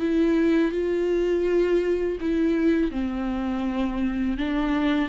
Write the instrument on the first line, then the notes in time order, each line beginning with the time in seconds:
viola
0.00 E4
0.72 F4
2.21 E4
2.92 C4
4.38 D4